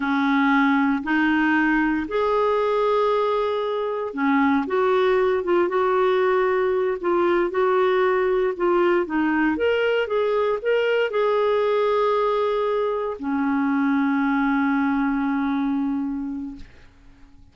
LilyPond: \new Staff \with { instrumentName = "clarinet" } { \time 4/4 \tempo 4 = 116 cis'2 dis'2 | gis'1 | cis'4 fis'4. f'8 fis'4~ | fis'4. f'4 fis'4.~ |
fis'8 f'4 dis'4 ais'4 gis'8~ | gis'8 ais'4 gis'2~ gis'8~ | gis'4. cis'2~ cis'8~ | cis'1 | }